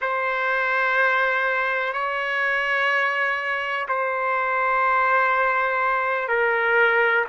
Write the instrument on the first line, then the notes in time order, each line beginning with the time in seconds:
trumpet
0.00 C5
1.93 C#5
3.88 C5
6.28 A#4